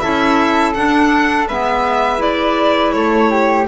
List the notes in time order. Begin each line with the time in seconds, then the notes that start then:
0.00 C#4 E4 A4 E5
0.74 D4 F#5
1.48 G#3 B3 B4 E5
2.18 E4 D5
2.92 A3 A4 C#5
3.31 G4